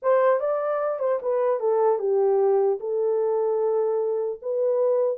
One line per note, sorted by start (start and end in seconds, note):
0.02 0.39 C5
0.39 0.99 D5
0.99 1.19 C5
1.22 1.59 B4
1.59 1.98 A4
1.98 2.78 G4
2.80 4.40 A4
4.42 5.17 B4